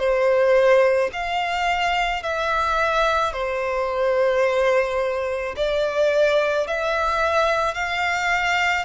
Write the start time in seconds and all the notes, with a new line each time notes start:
0.00 C5
1.13 F5
2.23 E5
3.33 C5
5.57 D5
6.68 E5
7.75 F5